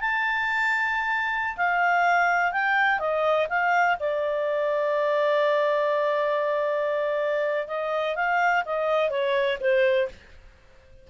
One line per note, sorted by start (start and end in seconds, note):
0.00 1.56 A5
1.56 2.52 F5
2.52 2.99 G5
2.99 3.47 D#5
3.49 3.97 F5
3.99 7.68 D5
7.68 8.15 D#5
8.15 8.63 F5
8.65 9.10 D#5
9.10 9.58 C#5
9.60 10.08 C5